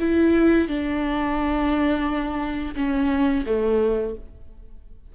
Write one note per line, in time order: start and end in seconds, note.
0.00 0.68 E4
0.68 2.75 D4
2.76 3.45 C#4
3.46 4.15 A3